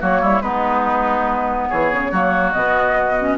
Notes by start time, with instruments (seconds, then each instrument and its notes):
0.00 bassoon F#3, clarinet A#3, oboe F#4, flute C#5
0.22 bassoon G3, oboe E4
0.42 bassoon G#3, clarinet B3, oboe D#4, flute B4
1.70 bassoon E3, oboe G#4, flute C#5
1.93 bassoon C#3
2.12 bassoon F#3, clarinet A#3, oboe F#4
2.53 bassoon B2, clarinet B3, flute D#5
3.20 clarinet C#4